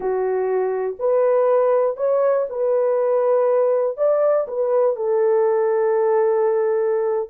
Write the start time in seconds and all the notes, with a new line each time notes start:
0.00 F#4
0.99 B4
1.96 C#5
2.49 B4
3.97 D5
4.47 B4
4.96 A4